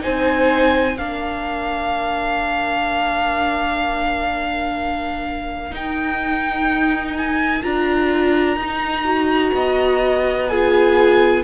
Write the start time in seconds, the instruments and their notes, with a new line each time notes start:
0.00 cello C4, viola D#4, violin C5 G#5
0.98 cello A#3, viola D4, violin A#4 F5
5.71 viola D#4, cello D#4, violin G5
7.18 violin G#5
7.62 cello D4, viola F4, violin A#5
8.57 cello D#4, viola D#4
9.05 viola F#4
9.54 cello B3, violin D#5
10.48 viola F4, violin G#4 G#5